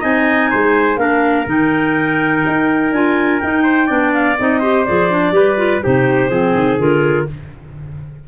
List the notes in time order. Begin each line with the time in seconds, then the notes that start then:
0.00 C4 D#4 D#5 G#5
0.50 G#3 C5
0.96 A#3 D4 A#4 F5
1.46 D#3 D#4 G5
2.46 D#4
2.91 D4 F4 G#5
3.39 D#4 G5
3.63 C5
3.86 B3 D4 D5
4.13 F5
4.39 C4 D#4 D#5
4.60 G4 C5
4.84 F3 G#4 D5
5.10 D4
5.31 G3 G4 B4
5.57 F4
5.82 C3 D#4 G4 C5
6.29 F3 C4 G#4
6.54 D#3
6.77 D3 F4 A#4